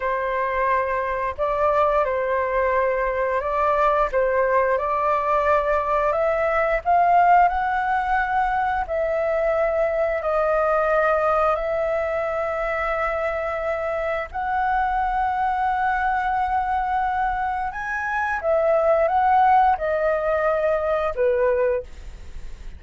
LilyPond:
\new Staff \with { instrumentName = "flute" } { \time 4/4 \tempo 4 = 88 c''2 d''4 c''4~ | c''4 d''4 c''4 d''4~ | d''4 e''4 f''4 fis''4~ | fis''4 e''2 dis''4~ |
dis''4 e''2.~ | e''4 fis''2.~ | fis''2 gis''4 e''4 | fis''4 dis''2 b'4 | }